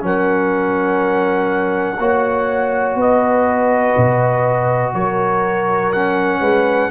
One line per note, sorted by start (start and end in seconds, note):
0.00 1.99 F#3
0.00 1.97 C#4
0.00 1.99 A#4
0.00 3.01 F#5
1.99 2.95 A#3
1.99 5.93 F#4
1.99 2.97 C#5
2.95 3.93 B3
2.95 4.94 B4
2.95 4.94 D#5
3.97 4.94 B2
4.94 6.40 F#3
4.94 6.40 A#4
4.94 5.92 C#5
5.92 6.90 C#4
5.92 6.90 F#5
6.40 6.90 G#3
6.40 6.90 B4